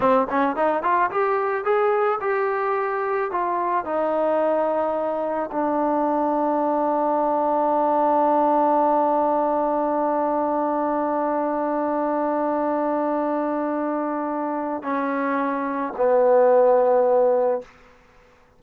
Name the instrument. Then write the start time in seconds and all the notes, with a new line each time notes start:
trombone
0.00 C4
0.29 C#4
0.56 D#4
0.82 F4
1.10 G4
1.64 G#4
2.20 G4
3.31 F4
3.85 D#4
5.51 D4
14.82 C#4
15.96 B3